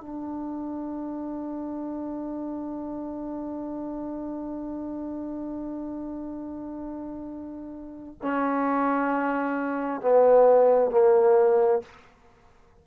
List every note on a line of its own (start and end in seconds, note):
0.00 8.18 D4
8.21 10.01 C#4
10.01 10.90 B3
10.90 11.81 A#3